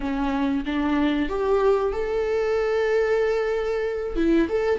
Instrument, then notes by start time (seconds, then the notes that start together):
viola
0.00 C#4
0.65 D4
1.29 G4
1.92 A4
4.15 E4
4.49 A4